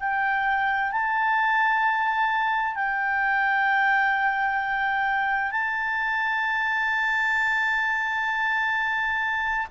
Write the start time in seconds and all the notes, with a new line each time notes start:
0.00 G5
0.92 A5
2.75 G5
5.51 A5